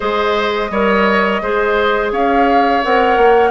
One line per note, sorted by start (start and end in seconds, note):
0.00 0.70 G#3
0.00 0.69 G#4
0.00 0.70 C5
0.00 2.10 D#5
0.70 1.41 G3
0.70 1.42 A#4
0.70 1.42 C#5
1.41 2.12 G#3
1.41 2.84 G#4
1.41 2.12 C5
2.12 2.82 C#4
2.12 3.50 C#5
2.12 2.83 F5
2.83 3.17 C4
2.83 3.50 A#4
2.83 3.50 F#5
3.17 3.50 A#3